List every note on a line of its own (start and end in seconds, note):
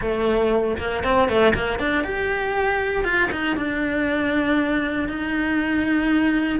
0.01 0.77 A3
0.78 1.03 A#3
1.03 1.28 C4
1.28 1.53 A3
1.54 1.79 A#3
1.79 2.04 D4
2.04 3.04 G4
3.04 3.29 F4
3.31 3.56 D#4
3.56 5.08 D4
5.08 6.59 D#4